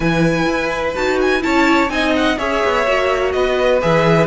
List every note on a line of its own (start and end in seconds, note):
0.00 0.46 E3
0.00 0.95 E4
0.00 1.42 B4
0.00 0.95 G#5
0.46 0.94 E4
0.95 1.43 D#4
0.95 1.40 F#4
0.95 1.19 A5
1.21 1.42 G#5
1.40 1.88 C#4
1.40 1.88 E4
1.40 1.92 C#5
1.40 1.89 A5
1.88 2.36 C4
1.88 2.37 D#4
1.88 2.38 D#5
1.88 2.13 G#5
2.16 2.38 F#5
2.38 2.63 C#4
2.38 2.85 G#4
2.38 3.33 C#5
2.38 3.32 E5
2.64 2.87 B3
2.87 3.34 A#3
2.87 3.81 F#4
3.32 3.82 B3
3.32 4.26 B4
3.32 3.79 D#5
3.81 4.26 E3
3.81 4.26 G#4
3.81 4.26 E5